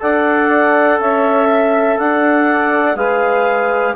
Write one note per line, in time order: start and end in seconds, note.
0.00 0.99 D4
0.00 2.95 A4
0.00 0.99 D5
0.00 1.00 F#5
0.99 1.97 C#4
0.99 1.49 C#5
0.99 1.99 E5
1.49 1.99 E5
1.98 2.95 D4
1.98 2.48 D4
1.98 2.97 F#5
2.50 2.97 D5
2.95 3.94 G#3
2.95 3.95 G#4
2.95 3.95 B4
2.95 3.95 F5